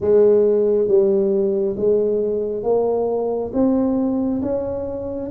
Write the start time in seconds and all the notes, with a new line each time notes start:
0.00 G#3
0.87 G3
1.76 G#3
2.63 A#3
3.53 C4
4.42 C#4